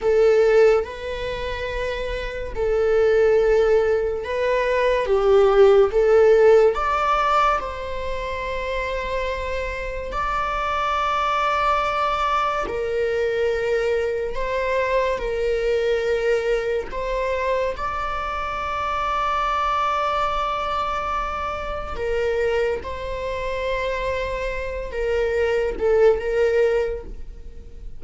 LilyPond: \new Staff \with { instrumentName = "viola" } { \time 4/4 \tempo 4 = 71 a'4 b'2 a'4~ | a'4 b'4 g'4 a'4 | d''4 c''2. | d''2. ais'4~ |
ais'4 c''4 ais'2 | c''4 d''2.~ | d''2 ais'4 c''4~ | c''4. ais'4 a'8 ais'4 | }